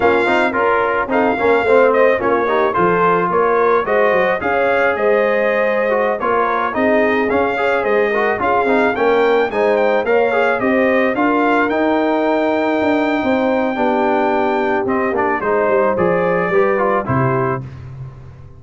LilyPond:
<<
  \new Staff \with { instrumentName = "trumpet" } { \time 4/4 \tempo 4 = 109 f''4 ais'4 f''4. dis''8 | cis''4 c''4 cis''4 dis''4 | f''4 dis''2~ dis''16 cis''8.~ | cis''16 dis''4 f''4 dis''4 f''8.~ |
f''16 g''4 gis''8 g''8 f''4 dis''8.~ | dis''16 f''4 g''2~ g''8.~ | g''2. dis''8 d''8 | c''4 d''2 c''4 | }
  \new Staff \with { instrumentName = "horn" } { \time 4/4 f'4 ais'4 a'8 ais'8 c''4 | f'8 g'8 a'4 ais'4 c''4 | cis''4 c''2~ c''16 ais'8.~ | ais'16 gis'4. cis''8 c''8 ais'8 gis'8.~ |
gis'16 ais'4 c''4 cis''4 c''8.~ | c''16 ais'2.~ ais'8. | c''4 g'2. | c''2 b'4 g'4 | }
  \new Staff \with { instrumentName = "trombone" } { \time 4/4 cis'8 dis'8 f'4 dis'8 cis'8 c'4 | cis'8 dis'8 f'2 fis'4 | gis'2~ gis'8. fis'8 f'8.~ | f'16 dis'4 cis'8 gis'4 fis'8 f'8 dis'16~ |
dis'16 cis'4 dis'4 ais'8 gis'8 g'8.~ | g'16 f'4 dis'2~ dis'8.~ | dis'4 d'2 c'8 d'8 | dis'4 gis'4 g'8 f'8 e'4 | }
  \new Staff \with { instrumentName = "tuba" } { \time 4/4 ais8 c'8 cis'4 c'8 ais8 a4 | ais4 f4 ais4 gis8 fis8 | cis'4 gis2~ gis16 ais8.~ | ais16 c'4 cis'4 gis4 cis'8 c'16~ |
c'16 ais4 gis4 ais4 c'8.~ | c'16 d'4 dis'2 d'8. | c'4 b2 c'8 ais8 | gis8 g8 f4 g4 c4 | }
>>